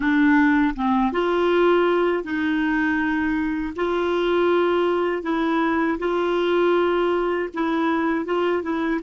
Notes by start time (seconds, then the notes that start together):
0.00 D4
0.75 C4
1.12 F4
2.23 D#4
3.76 F4
5.23 E4
5.98 F4
7.54 E4
8.25 F4
8.62 E4